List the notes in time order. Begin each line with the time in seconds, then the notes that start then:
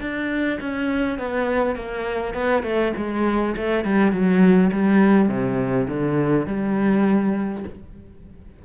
0.00 D4
0.60 C#4
1.18 B3
1.75 A#3
2.34 B3
2.63 A3
2.97 G#3
3.56 A3
3.84 G3
4.11 F#3
4.72 G3
5.28 C3
5.88 D3
6.46 G3